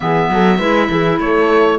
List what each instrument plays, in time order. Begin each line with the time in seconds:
0.00 cello E3, clarinet B3, horn G#4, oboe E5
0.29 cello F#3, horn A4
0.58 cello G#3, clarinet E4, horn B4
0.90 cello E3, horn G#4
1.18 cello A3, horn A4, oboe C#5